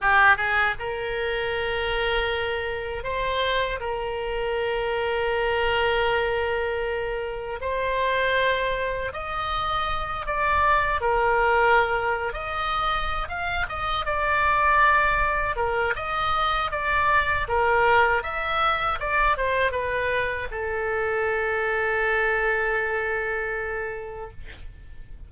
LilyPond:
\new Staff \with { instrumentName = "oboe" } { \time 4/4 \tempo 4 = 79 g'8 gis'8 ais'2. | c''4 ais'2.~ | ais'2 c''2 | dis''4. d''4 ais'4.~ |
ais'16 dis''4~ dis''16 f''8 dis''8 d''4.~ | d''8 ais'8 dis''4 d''4 ais'4 | e''4 d''8 c''8 b'4 a'4~ | a'1 | }